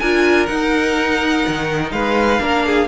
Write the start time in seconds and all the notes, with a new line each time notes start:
0.00 D4 F4 A#4 G#5
0.47 D#4 F#5
1.48 D#3
1.92 G#3 B4 F5
2.40 A#3 D4 A#4
2.66 G#4